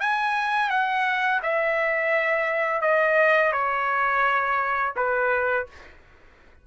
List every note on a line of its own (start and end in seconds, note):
0.00 0.70 G#5
0.70 1.41 F#5
1.42 2.81 E5
2.81 3.52 D#5
3.52 4.93 C#5
4.96 5.67 B4